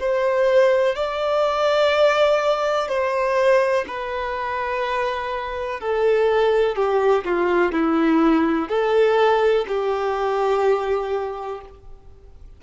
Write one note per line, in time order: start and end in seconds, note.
0.00 0.95 C5
0.95 2.89 D5
2.89 3.85 C5
3.88 5.81 B4
5.81 6.76 A4
6.76 7.24 G4
7.25 7.72 F4
7.72 8.69 E4
8.69 9.66 A4
9.68 11.61 G4